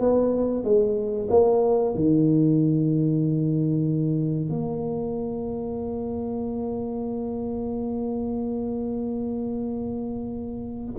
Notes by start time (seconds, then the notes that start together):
0.00 B3
0.64 G#3
1.30 A#3
1.95 D#3
4.50 A#3